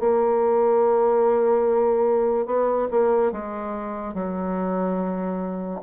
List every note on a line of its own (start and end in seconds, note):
0.00 2.46 A#3
2.46 2.88 B3
2.91 3.32 A#3
3.32 4.14 G#3
4.14 5.81 F#3